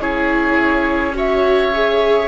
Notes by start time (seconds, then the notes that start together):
0.00 C#4 E4 G#4 C#5
1.14 F#4 C#5 E5
1.73 G#4